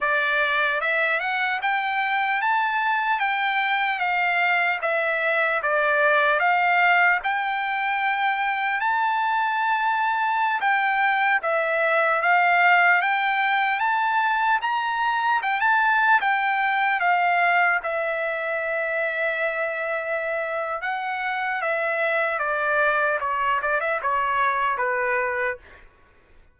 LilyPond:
\new Staff \with { instrumentName = "trumpet" } { \time 4/4 \tempo 4 = 75 d''4 e''8 fis''8 g''4 a''4 | g''4 f''4 e''4 d''4 | f''4 g''2 a''4~ | a''4~ a''16 g''4 e''4 f''8.~ |
f''16 g''4 a''4 ais''4 g''16 a''8~ | a''16 g''4 f''4 e''4.~ e''16~ | e''2 fis''4 e''4 | d''4 cis''8 d''16 e''16 cis''4 b'4 | }